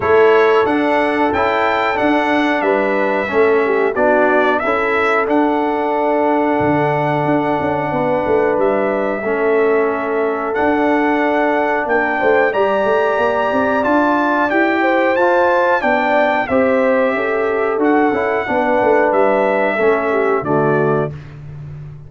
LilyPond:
<<
  \new Staff \with { instrumentName = "trumpet" } { \time 4/4 \tempo 4 = 91 cis''4 fis''4 g''4 fis''4 | e''2 d''4 e''4 | fis''1~ | fis''4 e''2. |
fis''2 g''4 ais''4~ | ais''4 a''4 g''4 a''4 | g''4 e''2 fis''4~ | fis''4 e''2 d''4 | }
  \new Staff \with { instrumentName = "horn" } { \time 4/4 a'1 | b'4 a'8 g'8 fis'4 a'4~ | a'1 | b'2 a'2~ |
a'2 ais'8 c''8 d''4~ | d''2~ d''8 c''4. | d''4 c''4 a'2 | b'2 a'8 g'8 fis'4 | }
  \new Staff \with { instrumentName = "trombone" } { \time 4/4 e'4 d'4 e'4 d'4~ | d'4 cis'4 d'4 e'4 | d'1~ | d'2 cis'2 |
d'2. g'4~ | g'4 f'4 g'4 f'4 | d'4 g'2 fis'8 e'8 | d'2 cis'4 a4 | }
  \new Staff \with { instrumentName = "tuba" } { \time 4/4 a4 d'4 cis'4 d'4 | g4 a4 b4 cis'4 | d'2 d4 d'8 cis'8 | b8 a8 g4 a2 |
d'2 ais8 a8 g8 a8 | ais8 c'8 d'4 e'4 f'4 | b4 c'4 cis'4 d'8 cis'8 | b8 a8 g4 a4 d4 | }
>>